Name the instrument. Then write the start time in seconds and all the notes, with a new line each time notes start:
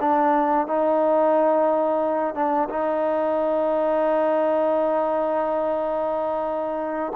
trombone
0.00 D4
0.67 D#4
2.35 D4
2.69 D#4